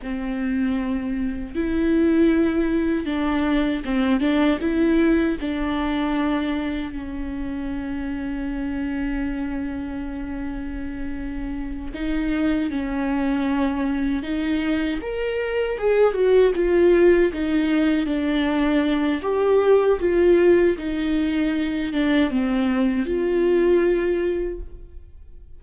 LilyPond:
\new Staff \with { instrumentName = "viola" } { \time 4/4 \tempo 4 = 78 c'2 e'2 | d'4 c'8 d'8 e'4 d'4~ | d'4 cis'2.~ | cis'2.~ cis'8 dis'8~ |
dis'8 cis'2 dis'4 ais'8~ | ais'8 gis'8 fis'8 f'4 dis'4 d'8~ | d'4 g'4 f'4 dis'4~ | dis'8 d'8 c'4 f'2 | }